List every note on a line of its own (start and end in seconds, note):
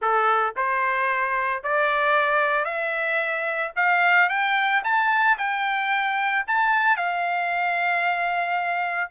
0.01 0.55 A4
0.56 1.63 C5
1.63 2.64 D5
2.64 3.72 E5
3.76 4.29 F5
4.29 4.82 G5
4.84 5.37 A5
5.38 6.45 G5
6.47 6.96 A5
6.96 9.10 F5